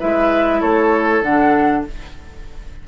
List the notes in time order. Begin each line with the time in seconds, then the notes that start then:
0.00 G#3 E4 B4 E5
0.61 A3 A4 C#5
1.22 D3 D4 F#5